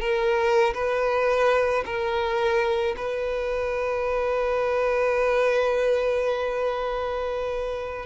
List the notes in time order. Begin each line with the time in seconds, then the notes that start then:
0.00 A#4
0.74 B4
1.85 A#4
2.96 B4